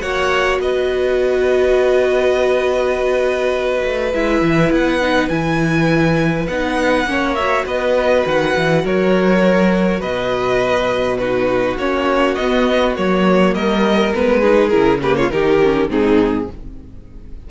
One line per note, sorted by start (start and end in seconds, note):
0.00 0.59 A#3
0.00 4.13 F#4
0.00 0.62 C#5
0.00 0.59 F#5
0.59 3.83 B3
0.59 7.10 B4
0.59 4.13 D#5
3.85 4.14 A3
4.13 4.42 G#3
4.13 5.02 E4
4.13 4.72 E5
4.42 4.71 E3
4.71 5.30 B3
4.71 5.29 F#5
5.02 5.30 D#4
5.29 6.48 E3
5.29 6.48 E4
5.29 6.47 G#5
6.48 7.06 B3
6.48 7.08 D#4
6.48 7.35 F#5
7.06 7.65 A#3
7.06 7.37 C#4
7.06 7.66 C#5
7.35 11.21 F#4
7.35 7.65 E5
7.66 8.25 B3
7.66 8.83 B4
7.66 8.27 D#5
8.26 8.56 D#3
8.26 8.87 F#5
8.57 8.84 E3
8.84 10.02 F#3
8.84 10.01 A#4
8.84 10.02 C#5
10.01 11.78 B2
10.01 11.18 B4
10.01 11.18 D#5
11.18 11.80 D#4
11.18 13.54 F#4
11.18 11.77 B4
11.78 12.36 A#3
11.78 12.39 C#4
11.78 12.35 C#5
12.35 12.96 B3
12.35 12.98 B3
12.35 12.94 D#5
12.96 13.55 F#3
12.96 14.14 A#3
12.96 13.55 C#5
13.55 14.14 G3
13.55 14.41 A#4
13.55 14.14 D#5
14.14 14.74 G#3
14.14 14.43 B3
14.14 14.69 B4
14.41 14.71 D#4
14.41 15.00 G#4
14.69 15.31 C#3
14.69 15.00 E4
14.69 14.99 A#4
15.02 15.32 A#3
15.02 15.18 G4
15.02 15.17 B4
15.17 15.33 F4
15.17 15.31 C#5
15.31 15.89 D#3
15.31 15.61 D#4
15.31 15.91 G4
15.31 15.89 A#4
15.63 15.90 C#4
15.89 16.48 G#2
15.89 16.48 C4
15.89 16.49 D#4
15.89 16.51 G#4